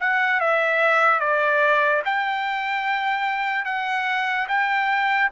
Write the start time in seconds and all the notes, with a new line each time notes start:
0.00 F#5
0.40 E5
1.20 D5
2.05 G5
3.65 F#5
4.48 G5